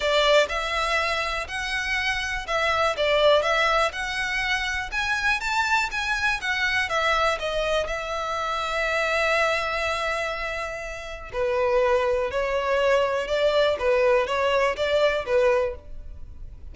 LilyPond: \new Staff \with { instrumentName = "violin" } { \time 4/4 \tempo 4 = 122 d''4 e''2 fis''4~ | fis''4 e''4 d''4 e''4 | fis''2 gis''4 a''4 | gis''4 fis''4 e''4 dis''4 |
e''1~ | e''2. b'4~ | b'4 cis''2 d''4 | b'4 cis''4 d''4 b'4 | }